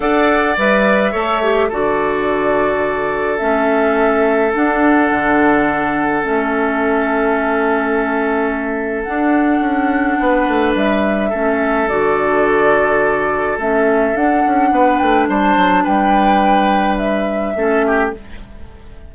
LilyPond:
<<
  \new Staff \with { instrumentName = "flute" } { \time 4/4 \tempo 4 = 106 fis''4 e''2 d''4~ | d''2 e''2 | fis''2. e''4~ | e''1 |
fis''2. e''4~ | e''4 d''2. | e''4 fis''4. g''8 a''4 | g''2 e''2 | }
  \new Staff \with { instrumentName = "oboe" } { \time 4/4 d''2 cis''4 a'4~ | a'1~ | a'1~ | a'1~ |
a'2 b'2 | a'1~ | a'2 b'4 c''4 | b'2. a'8 g'8 | }
  \new Staff \with { instrumentName = "clarinet" } { \time 4/4 a'4 b'4 a'8 g'8 fis'4~ | fis'2 cis'2 | d'2. cis'4~ | cis'1 |
d'1 | cis'4 fis'2. | cis'4 d'2.~ | d'2. cis'4 | }
  \new Staff \with { instrumentName = "bassoon" } { \time 4/4 d'4 g4 a4 d4~ | d2 a2 | d'4 d2 a4~ | a1 |
d'4 cis'4 b8 a8 g4 | a4 d2. | a4 d'8 cis'8 b8 a8 g8 fis8 | g2. a4 | }
>>